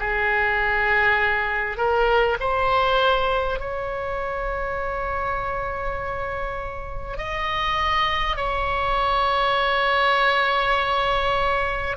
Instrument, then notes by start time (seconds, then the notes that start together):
oboe
0.00 G#4
1.78 A#4
2.41 C5
3.60 C#5
7.18 D#5
8.37 C#5